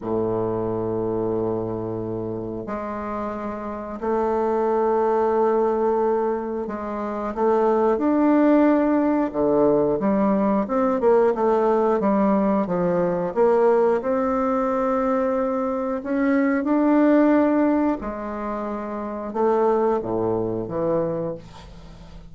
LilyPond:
\new Staff \with { instrumentName = "bassoon" } { \time 4/4 \tempo 4 = 90 a,1 | gis2 a2~ | a2 gis4 a4 | d'2 d4 g4 |
c'8 ais8 a4 g4 f4 | ais4 c'2. | cis'4 d'2 gis4~ | gis4 a4 a,4 e4 | }